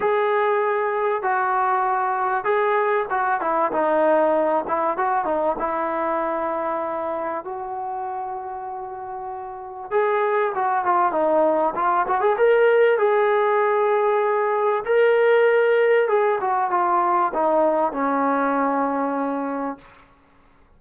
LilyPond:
\new Staff \with { instrumentName = "trombone" } { \time 4/4 \tempo 4 = 97 gis'2 fis'2 | gis'4 fis'8 e'8 dis'4. e'8 | fis'8 dis'8 e'2. | fis'1 |
gis'4 fis'8 f'8 dis'4 f'8 fis'16 gis'16 | ais'4 gis'2. | ais'2 gis'8 fis'8 f'4 | dis'4 cis'2. | }